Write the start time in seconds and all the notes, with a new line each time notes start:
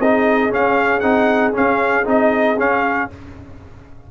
0.00 C4 D#4 G#4 D#5
0.50 C#4 F5
1.00 C4 D#4 F#5
1.53 C#4 F5
2.05 C4 D#4 D#5
2.57 C#4 F5